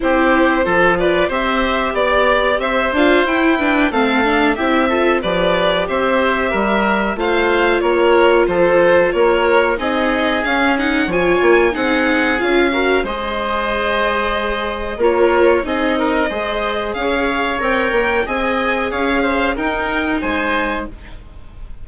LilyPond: <<
  \new Staff \with { instrumentName = "violin" } { \time 4/4 \tempo 4 = 92 c''4. d''8 e''4 d''4 | e''8 f''8 g''4 f''4 e''4 | d''4 e''2 f''4 | cis''4 c''4 cis''4 dis''4 |
f''8 fis''8 gis''4 fis''4 f''4 | dis''2. cis''4 | dis''2 f''4 g''4 | gis''4 f''4 g''4 gis''4 | }
  \new Staff \with { instrumentName = "oboe" } { \time 4/4 g'4 a'8 b'8 c''4 d''4 | c''4. b'8 a'4 g'8 a'8 | b'4 c''4 ais'4 c''4 | ais'4 a'4 ais'4 gis'4~ |
gis'4 cis''4 gis'4. ais'8 | c''2. ais'4 | gis'8 ais'8 c''4 cis''2 | dis''4 cis''8 c''8 ais'4 c''4 | }
  \new Staff \with { instrumentName = "viola" } { \time 4/4 e'4 f'4 g'2~ | g'8 f'8 e'8 d'8 c'8 d'8 e'8 f'8 | g'2. f'4~ | f'2. dis'4 |
cis'8 dis'8 f'4 dis'4 f'8 fis'8 | gis'2. f'4 | dis'4 gis'2 ais'4 | gis'2 dis'2 | }
  \new Staff \with { instrumentName = "bassoon" } { \time 4/4 c'4 f4 c'4 b4 | c'8 d'8 e'4 a4 c'4 | f4 c'4 g4 a4 | ais4 f4 ais4 c'4 |
cis'4 f8 ais8 c'4 cis'4 | gis2. ais4 | c'4 gis4 cis'4 c'8 ais8 | c'4 cis'4 dis'4 gis4 | }
>>